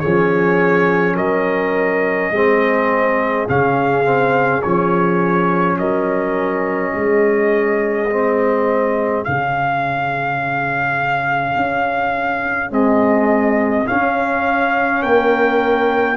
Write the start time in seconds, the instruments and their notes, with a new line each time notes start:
0.00 tuba F3, trombone C#4, horn G#4, trumpet C#5
1.15 tuba F#3, horn A#4, trumpet D#5
2.31 tuba G#3, trombone C4, horn G#4
3.49 tuba C#3, trombone C#4, trumpet F5
4.04 trombone C4
4.62 tuba F3, trombone C#4, trumpet C#5
5.78 tuba F#3, horn A#4, trumpet D#5
6.94 tuba G#3, horn G#4
8.10 trombone C4
9.25 tuba C#3, trombone C#4, trumpet F5
11.56 tuba C#4
12.70 trombone G#3, tuba C4, trumpet D#5
13.86 trombone C#4, tuba C#4, trumpet F5
15.02 tuba A#3, horn A#4, trumpet G5